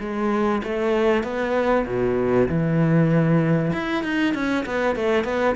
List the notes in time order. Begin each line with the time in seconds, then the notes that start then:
0.00 G#3
0.63 A3
1.23 B3
1.86 B2
2.48 E3
3.73 E4
4.03 D#4
4.34 C#4
4.66 B3
4.96 A3
5.24 B3